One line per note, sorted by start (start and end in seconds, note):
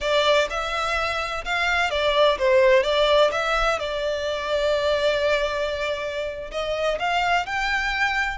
0.00 0.47 D5
0.50 1.44 E5
1.45 1.90 F5
1.90 2.38 D5
2.38 2.83 C5
2.83 3.30 D5
3.31 3.79 E5
3.79 6.50 D5
6.51 6.98 D#5
6.99 7.46 F5
7.46 8.38 G5